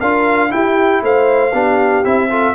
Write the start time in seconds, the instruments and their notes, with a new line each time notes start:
0.00 tuba D4, trombone F4, horn A#4, trumpet F5
0.50 trombone E4, tuba E4, horn G4, trumpet G5
1.03 tuba A3, horn C5, trumpet F5
1.54 tuba B3, trombone D4, horn G4
2.04 tuba C4, trombone E4, trumpet E5
2.30 trombone F4, horn A4